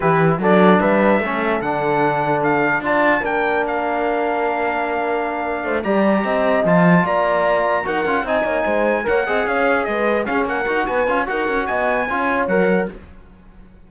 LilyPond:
<<
  \new Staff \with { instrumentName = "trumpet" } { \time 4/4 \tempo 4 = 149 b'4 d''4 e''2 | fis''2 f''4 a''4 | g''4 f''2.~ | f''2~ f''8 ais''4.~ |
ais''8 a''4 ais''2 fis''8~ | fis''8 gis''2 fis''4 f''8~ | f''8 dis''4 f''8 fis''4 gis''4 | fis''4 gis''2 fis''4 | }
  \new Staff \with { instrumentName = "horn" } { \time 4/4 g'4 a'4 b'4 a'4~ | a'2. d''4 | ais'1~ | ais'2 c''8 d''4 dis''8~ |
dis''4. d''2 ais'8~ | ais'8 dis''8 cis''8 c''4 cis''8 dis''8 cis''8~ | cis''8 b'4 gis'8 ais'4 b'4 | ais'4 dis''4 cis''2 | }
  \new Staff \with { instrumentName = "trombone" } { \time 4/4 e'4 d'2 cis'4 | d'2. f'4 | d'1~ | d'2~ d'8 g'4.~ |
g'8 f'2. fis'8 | f'8 dis'2 ais'8 gis'4~ | gis'4. cis'4 fis'4 f'8 | fis'2 f'4 ais'4 | }
  \new Staff \with { instrumentName = "cello" } { \time 4/4 e4 fis4 g4 a4 | d2. d'4 | ais1~ | ais2 a8 g4 c'8~ |
c'8 f4 ais2 dis'8 | cis'8 c'8 ais8 gis4 ais8 c'8 cis'8~ | cis'8 gis4 cis'8 ais8 dis'8 b8 cis'8 | dis'8 cis'8 b4 cis'4 fis4 | }
>>